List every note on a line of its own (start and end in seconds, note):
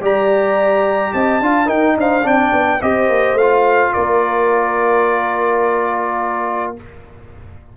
0.00 1.12 G3
0.00 1.42 G4
0.00 1.14 D5
0.00 1.14 A#5
1.14 1.40 C4
1.14 1.43 D#5
1.14 1.69 A5
1.40 1.68 D4
1.40 1.66 F4
1.40 1.66 F5
1.66 2.22 D#4
1.66 1.96 D#4
1.66 1.95 A#4
1.66 1.97 G5
1.97 2.24 D4
1.97 2.26 C5
1.97 2.27 F5
2.23 2.52 C4
2.23 2.79 D4
2.23 2.82 D5
2.23 2.82 G5
2.52 2.80 B3
2.82 3.09 C4
2.82 3.38 G4
2.82 3.94 C5
2.82 3.38 D#5
3.09 3.33 A#3
3.33 3.89 A3
3.33 3.93 F5
3.40 6.77 F4
3.93 6.77 A#3
3.93 6.74 A#4
3.93 6.74 D5